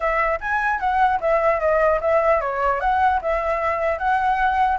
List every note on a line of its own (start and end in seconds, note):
0.00 0.39 E5
0.40 0.79 G#5
0.79 1.19 F#5
1.20 1.60 E5
1.60 2.00 D#5
2.00 2.40 E5
2.40 2.80 C#5
2.80 3.20 F#5
3.21 3.98 E5
3.98 4.78 F#5